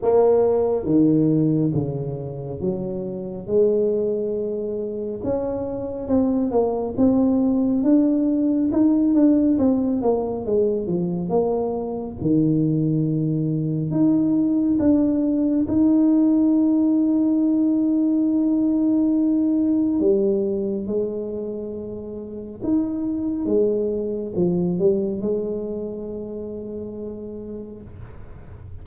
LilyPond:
\new Staff \with { instrumentName = "tuba" } { \time 4/4 \tempo 4 = 69 ais4 dis4 cis4 fis4 | gis2 cis'4 c'8 ais8 | c'4 d'4 dis'8 d'8 c'8 ais8 | gis8 f8 ais4 dis2 |
dis'4 d'4 dis'2~ | dis'2. g4 | gis2 dis'4 gis4 | f8 g8 gis2. | }